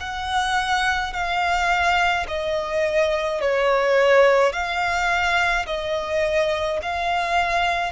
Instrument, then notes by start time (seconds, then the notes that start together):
violin
0.00 F#5
1.13 F5
2.28 D#5
3.41 C#5
4.53 F5
5.66 D#5
6.82 F5